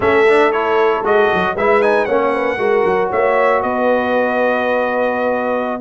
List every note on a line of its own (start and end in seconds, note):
0.00 1.01 A3
0.00 0.25 C#4
0.00 1.55 A4
0.00 0.52 E5
0.28 0.52 D4
0.52 1.04 E4
0.52 1.03 C#5
1.02 1.28 G#3
1.02 1.55 F#4
1.02 1.56 D#5
1.33 1.55 F#3
1.55 2.06 G#3
1.55 1.81 E4
1.55 2.05 B4
1.55 1.82 E5
1.81 2.07 D#4
1.81 2.05 G#5
2.05 2.57 A#3
2.05 2.58 C#4
2.05 2.31 C#5
2.05 3.08 F#5
2.32 2.58 B4
2.57 2.83 G#3
2.57 5.80 F#4
2.57 3.10 A#4
2.85 3.10 F#3
3.10 3.63 A#3
3.10 3.61 C#5
3.10 3.62 E5
3.62 5.80 B3
3.62 5.80 B4
3.62 5.80 D#5